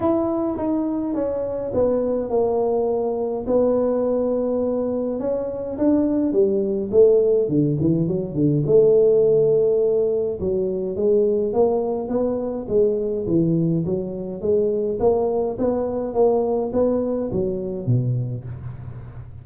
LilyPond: \new Staff \with { instrumentName = "tuba" } { \time 4/4 \tempo 4 = 104 e'4 dis'4 cis'4 b4 | ais2 b2~ | b4 cis'4 d'4 g4 | a4 d8 e8 fis8 d8 a4~ |
a2 fis4 gis4 | ais4 b4 gis4 e4 | fis4 gis4 ais4 b4 | ais4 b4 fis4 b,4 | }